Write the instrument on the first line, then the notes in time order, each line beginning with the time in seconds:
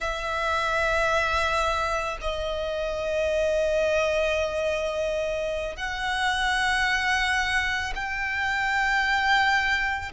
violin
0.00 E5
2.20 D#5
5.76 F#5
7.95 G5